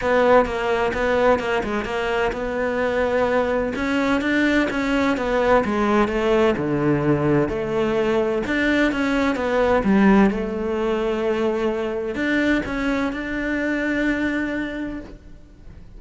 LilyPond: \new Staff \with { instrumentName = "cello" } { \time 4/4 \tempo 4 = 128 b4 ais4 b4 ais8 gis8 | ais4 b2. | cis'4 d'4 cis'4 b4 | gis4 a4 d2 |
a2 d'4 cis'4 | b4 g4 a2~ | a2 d'4 cis'4 | d'1 | }